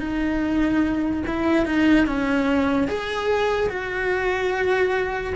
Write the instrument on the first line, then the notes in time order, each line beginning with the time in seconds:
cello
0.00 D#4
1.27 E4
1.66 D#4
2.06 C#4
2.88 G#4
3.69 F#4